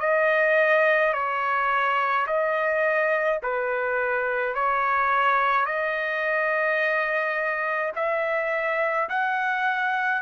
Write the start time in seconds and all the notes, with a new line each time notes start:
0.00 D#5
1.13 C#5
2.27 D#5
3.43 B4
4.55 C#5
5.66 D#5
7.96 E5
9.09 F#5